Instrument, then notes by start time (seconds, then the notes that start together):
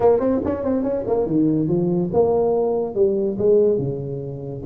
tuba
0.00 A#3
0.19 C4
0.44 C#4
0.64 C4
0.83 C#4
1.06 A#3
1.26 D#3
1.68 F3
2.13 A#3
2.94 G3
3.38 G#3
3.78 C#3